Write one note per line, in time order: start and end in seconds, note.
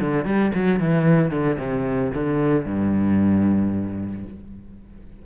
0.00 0.25 D3
0.25 0.52 G3
0.55 0.80 F#3
0.80 1.31 E3
1.31 1.58 D3
1.59 2.12 C3
2.15 2.66 D3
2.66 4.25 G2